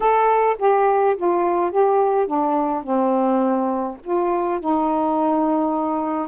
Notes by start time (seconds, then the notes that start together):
0.00 A4
0.58 G4
1.16 F4
1.71 G4
2.26 D4
2.83 C4
4.03 F4
4.59 D#4